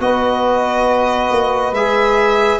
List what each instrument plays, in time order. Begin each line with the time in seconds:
0.00 tuba B3, trombone F#4, saxophone B4, violin D#5
1.31 tuba A#3
1.72 tuba G#3, trombone G#4, violin E5